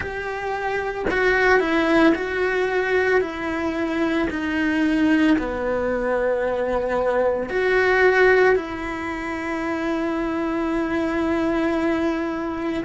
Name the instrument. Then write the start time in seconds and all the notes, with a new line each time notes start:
cello
0.00 G4
1.10 F#4
1.59 E4
2.14 F#4
3.20 E4
4.30 D#4
5.38 B3
7.49 F#4
8.55 E4